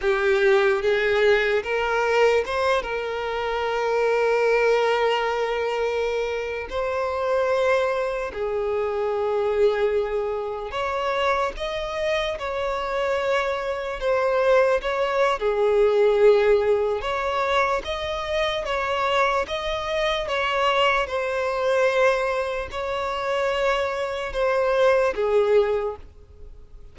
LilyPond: \new Staff \with { instrumentName = "violin" } { \time 4/4 \tempo 4 = 74 g'4 gis'4 ais'4 c''8 ais'8~ | ais'1~ | ais'16 c''2 gis'4.~ gis'16~ | gis'4~ gis'16 cis''4 dis''4 cis''8.~ |
cis''4~ cis''16 c''4 cis''8. gis'4~ | gis'4 cis''4 dis''4 cis''4 | dis''4 cis''4 c''2 | cis''2 c''4 gis'4 | }